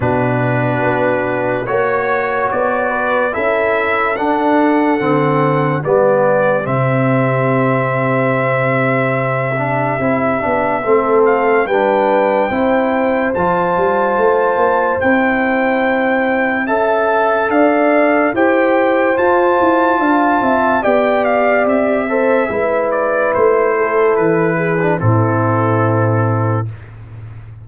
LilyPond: <<
  \new Staff \with { instrumentName = "trumpet" } { \time 4/4 \tempo 4 = 72 b'2 cis''4 d''4 | e''4 fis''2 d''4 | e''1~ | e''4. f''8 g''2 |
a''2 g''2 | a''4 f''4 g''4 a''4~ | a''4 g''8 f''8 e''4. d''8 | c''4 b'4 a'2 | }
  \new Staff \with { instrumentName = "horn" } { \time 4/4 fis'2 cis''4. b'8 | a'2. g'4~ | g'1~ | g'4 a'4 b'4 c''4~ |
c''1 | e''4 d''4 c''2 | f''8 e''8 d''4. c''8 b'4~ | b'8 a'4 gis'8 e'2 | }
  \new Staff \with { instrumentName = "trombone" } { \time 4/4 d'2 fis'2 | e'4 d'4 c'4 b4 | c'2.~ c'8 d'8 | e'8 d'8 c'4 d'4 e'4 |
f'2 e'2 | a'2 g'4 f'4~ | f'4 g'4. a'8 e'4~ | e'4.~ e'16 d'16 c'2 | }
  \new Staff \with { instrumentName = "tuba" } { \time 4/4 b,4 b4 ais4 b4 | cis'4 d'4 d4 g4 | c1 | c'8 b8 a4 g4 c'4 |
f8 g8 a8 ais8 c'2 | cis'4 d'4 e'4 f'8 e'8 | d'8 c'8 b4 c'4 gis4 | a4 e4 a,2 | }
>>